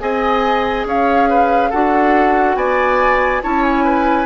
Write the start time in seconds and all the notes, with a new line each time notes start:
0.00 C4 G#4 D#5 G#5
0.85 C#4 C#5 F5
1.30 B4
1.70 D4 F#4 A4 F#5
2.56 B3 D5 G#5
3.42 C#4 E4 C#5 A5
3.63 G#5
3.84 B4